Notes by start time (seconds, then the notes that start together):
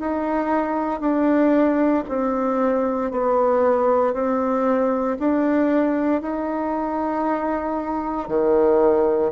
0.00 D#4
1.00 D4
2.08 C4
3.11 B3
4.13 C4
5.19 D4
6.21 D#4
8.28 D#3